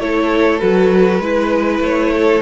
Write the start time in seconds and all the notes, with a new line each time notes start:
0.00 A3 E4 A4 C#5
0.60 F#3 F#4 B4
1.19 G#3 E4 B4
1.80 A3 C#5
2.13 A4